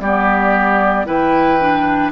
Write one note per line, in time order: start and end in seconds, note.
0.00 1.05 G3
0.00 1.05 B3
0.00 1.06 G4
0.00 1.06 D5
1.05 2.12 E3
1.05 1.58 E4
1.05 2.11 B4
1.05 2.11 G5
1.60 2.12 D4